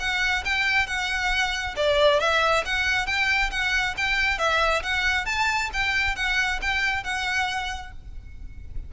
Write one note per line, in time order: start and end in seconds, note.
0.00 0.44 F#5
0.45 0.87 G5
0.87 1.75 F#5
1.77 2.20 D5
2.20 2.65 E5
2.66 3.07 F#5
3.07 3.51 G5
3.51 3.95 F#5
3.98 4.39 G5
4.39 4.83 E5
4.83 5.26 F#5
5.26 5.70 A5
5.74 6.16 G5
6.16 6.60 F#5
6.62 7.04 G5
7.04 7.93 F#5